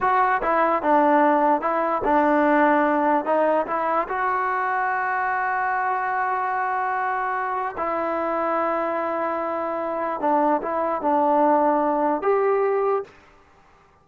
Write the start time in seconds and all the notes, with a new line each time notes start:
0.00 F#4
0.42 E4
0.82 D4
1.61 E4
2.04 D4
3.25 D#4
3.66 E4
4.08 F#4
7.77 E4
10.20 D4
10.62 E4
11.01 D4
12.22 G4